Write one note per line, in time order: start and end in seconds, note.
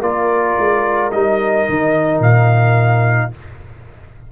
0.00 0.56 A#3
0.00 1.12 F4
0.00 3.27 A#4
0.00 1.12 D5
0.59 1.13 G#3
1.12 1.67 G3
1.12 3.32 D#4
1.12 2.21 D#5
1.69 2.20 D#3
2.20 3.29 A#2
2.20 3.32 F5